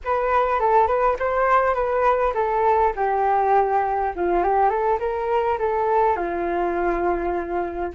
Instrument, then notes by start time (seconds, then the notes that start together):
flute
0.04 B4
0.59 A4
0.87 B4
1.19 C5
1.74 B4
2.34 A4
2.96 G4
4.15 F4
4.43 G4
4.69 A4
4.99 A#4
5.58 A4
6.16 F4